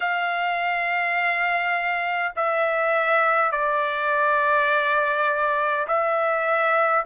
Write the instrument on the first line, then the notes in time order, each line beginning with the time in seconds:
trumpet
0.00 F5
2.36 E5
3.51 D5
5.87 E5